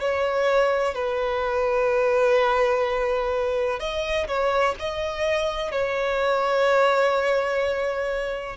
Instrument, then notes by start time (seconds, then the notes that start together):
violin
0.00 C#5
0.95 B4
3.80 D#5
4.28 C#5
4.80 D#5
5.72 C#5